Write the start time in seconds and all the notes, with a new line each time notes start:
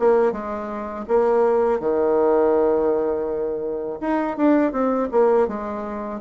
0.00 A#3
0.33 G#3
1.08 A#3
1.81 D#3
4.01 D#4
4.37 D4
4.73 C4
5.12 A#3
5.48 G#3